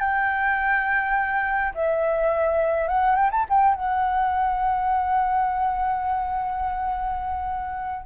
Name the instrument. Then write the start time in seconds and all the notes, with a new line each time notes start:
flute
0.00 G5
1.74 E5
2.88 F#5
3.16 G5
3.31 A5
3.50 G5
3.75 F#5